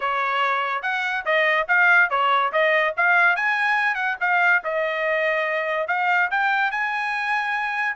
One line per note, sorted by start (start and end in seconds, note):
0.00 0.82 C#5
0.82 1.24 F#5
1.25 1.67 D#5
1.68 2.10 F5
2.10 2.52 C#5
2.52 2.94 D#5
2.96 3.35 F5
3.35 3.95 G#5
3.95 4.16 F#5
4.20 4.62 F5
4.64 5.87 D#5
5.87 6.29 F5
6.30 6.71 G5
6.71 7.95 G#5